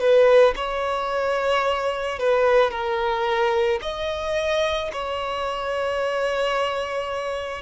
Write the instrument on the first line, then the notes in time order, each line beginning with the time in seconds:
violin
0.00 B4
0.56 C#5
2.19 B4
2.71 A#4
3.82 D#5
4.93 C#5